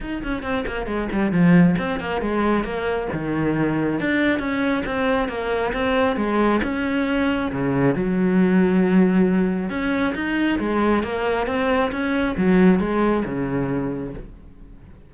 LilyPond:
\new Staff \with { instrumentName = "cello" } { \time 4/4 \tempo 4 = 136 dis'8 cis'8 c'8 ais8 gis8 g8 f4 | c'8 ais8 gis4 ais4 dis4~ | dis4 d'4 cis'4 c'4 | ais4 c'4 gis4 cis'4~ |
cis'4 cis4 fis2~ | fis2 cis'4 dis'4 | gis4 ais4 c'4 cis'4 | fis4 gis4 cis2 | }